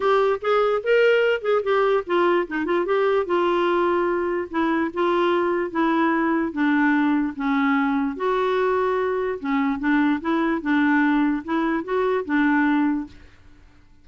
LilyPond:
\new Staff \with { instrumentName = "clarinet" } { \time 4/4 \tempo 4 = 147 g'4 gis'4 ais'4. gis'8 | g'4 f'4 dis'8 f'8 g'4 | f'2. e'4 | f'2 e'2 |
d'2 cis'2 | fis'2. cis'4 | d'4 e'4 d'2 | e'4 fis'4 d'2 | }